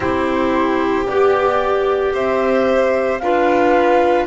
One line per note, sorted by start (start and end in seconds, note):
0.00 1.07 C4
0.00 1.06 E4
0.00 2.11 G4
0.00 1.05 C5
1.06 2.14 B3
1.06 3.21 G4
1.06 2.13 D5
2.13 3.21 C4
2.13 3.20 C5
2.13 3.19 E5
3.19 4.26 D4
3.19 4.26 F4
3.19 4.26 B4
3.19 4.26 F5